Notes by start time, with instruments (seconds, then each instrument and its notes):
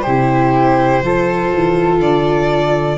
0.00 tuba C3, flute G4, violin C5
0.07 viola E4
1.01 tuba F3, viola F4, flute A4
1.54 tuba E3
1.99 tuba D3, violin D5